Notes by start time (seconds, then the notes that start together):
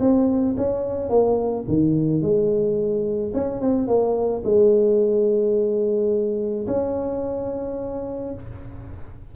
0.00 C4
0.57 C#4
1.10 A#3
1.68 D#3
2.22 G#3
3.34 C#4
3.61 C4
3.87 A#3
4.44 G#3
6.67 C#4